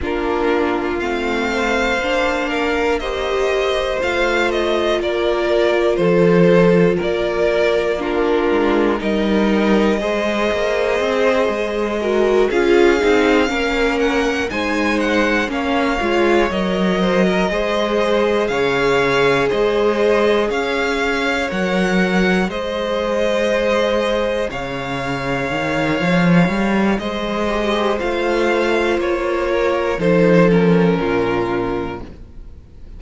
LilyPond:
<<
  \new Staff \with { instrumentName = "violin" } { \time 4/4 \tempo 4 = 60 ais'4 f''2 dis''4 | f''8 dis''8 d''4 c''4 d''4 | ais'4 dis''2.~ | dis''8 f''4. fis''8 gis''8 fis''8 f''8~ |
f''8 dis''2 f''4 dis''8~ | dis''8 f''4 fis''4 dis''4.~ | dis''8 f''2~ f''8 dis''4 | f''4 cis''4 c''8 ais'4. | }
  \new Staff \with { instrumentName = "violin" } { \time 4/4 f'4. c''4 ais'8 c''4~ | c''4 ais'4 a'4 ais'4 | f'4 ais'4 c''2 | ais'8 gis'4 ais'4 c''4 cis''8~ |
cis''4 c''16 ais'16 c''4 cis''4 c''8~ | c''8 cis''2 c''4.~ | c''8 cis''2~ cis''8 c''4~ | c''4. ais'8 a'4 f'4 | }
  \new Staff \with { instrumentName = "viola" } { \time 4/4 d'4 c'4 d'4 g'4 | f'1 | d'4 dis'4 gis'2 | fis'8 f'8 dis'8 cis'4 dis'4 cis'8 |
f'8 ais'4 gis'2~ gis'8~ | gis'4. ais'4 gis'4.~ | gis'2.~ gis'8 g'8 | f'2 dis'8 cis'4. | }
  \new Staff \with { instrumentName = "cello" } { \time 4/4 ais4 a4 ais2 | a4 ais4 f4 ais4~ | ais8 gis8 g4 gis8 ais8 c'8 gis8~ | gis8 cis'8 c'8 ais4 gis4 ais8 |
gis8 fis4 gis4 cis4 gis8~ | gis8 cis'4 fis4 gis4.~ | gis8 cis4 dis8 f8 g8 gis4 | a4 ais4 f4 ais,4 | }
>>